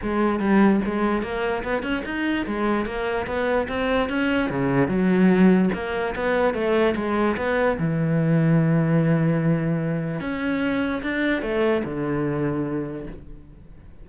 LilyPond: \new Staff \with { instrumentName = "cello" } { \time 4/4 \tempo 4 = 147 gis4 g4 gis4 ais4 | b8 cis'8 dis'4 gis4 ais4 | b4 c'4 cis'4 cis4 | fis2 ais4 b4 |
a4 gis4 b4 e4~ | e1~ | e4 cis'2 d'4 | a4 d2. | }